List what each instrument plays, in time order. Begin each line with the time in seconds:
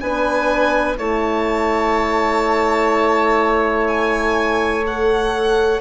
0.00 bassoon B3, horn D4, oboe B4, violin G#5
0.97 bassoon A3, horn E4, oboe C#5, violin A5
3.87 violin G#5
4.86 horn A4, violin F#5